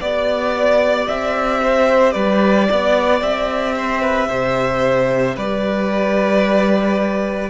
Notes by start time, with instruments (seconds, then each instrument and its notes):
0.00 cello B3, viola G4, violin D5
1.08 cello C4, violin E5
1.62 violin C5
2.12 cello G3, violin B4 D5
2.68 cello B3, violin D5
3.21 cello C4, violin E5
3.75 violin C5
4.02 violin B4
4.28 cello C3, violin C5
5.35 cello G3, violin B4 D5